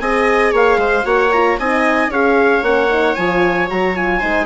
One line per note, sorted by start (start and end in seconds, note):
0.00 0.53 C4
0.00 1.04 G#4
0.00 0.52 D#5
0.00 0.53 G#5
0.52 0.77 A#3
0.52 0.78 C#5
0.52 1.06 F5
0.77 1.03 G#3
0.77 1.05 C5
1.04 1.58 A#3
1.04 1.30 F#4
1.04 1.58 C#5
1.04 1.32 F#5
1.32 1.59 F4
1.32 1.58 A#5
1.59 2.08 C4
1.59 2.11 D#4
1.59 2.11 D#5
1.59 2.12 G#5
2.08 2.61 C#4
2.08 2.62 G#4
2.08 4.19 C#5
2.08 2.63 F5
2.62 3.15 A#3
2.62 2.88 C#4
2.62 3.15 F#5
2.89 3.16 D#4
3.15 3.70 F3
3.15 3.68 F4
3.15 3.68 G#5
3.68 4.23 F#3
3.68 3.94 F#4
3.68 3.96 A#5
3.95 4.21 F4
3.95 4.45 G#5
4.19 4.45 G#3
4.19 4.45 D#4
4.19 4.45 C5